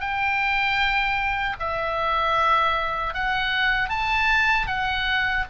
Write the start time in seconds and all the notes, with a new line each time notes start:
0.00 G5
1.59 E5
3.13 F#5
3.89 A5
4.66 F#5